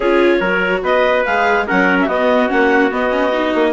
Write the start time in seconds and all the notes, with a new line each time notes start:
0.00 C#4 F4 G#4 C#5
0.40 F#3 F#4 A#4
0.82 B3 B4 D#5
1.25 G#3 G#4 F5
1.66 F#3 C#4 A#4 F#5
2.01 F#4 E5
2.07 B3 D#5
2.48 A#3 C#4 F#5
2.91 B3 D#5
3.10 C#4
3.32 D#4
3.55 A#3